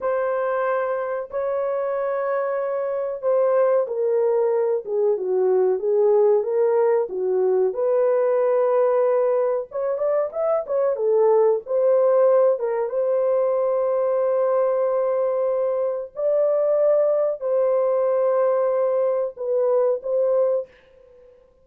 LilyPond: \new Staff \with { instrumentName = "horn" } { \time 4/4 \tempo 4 = 93 c''2 cis''2~ | cis''4 c''4 ais'4. gis'8 | fis'4 gis'4 ais'4 fis'4 | b'2. cis''8 d''8 |
e''8 cis''8 a'4 c''4. ais'8 | c''1~ | c''4 d''2 c''4~ | c''2 b'4 c''4 | }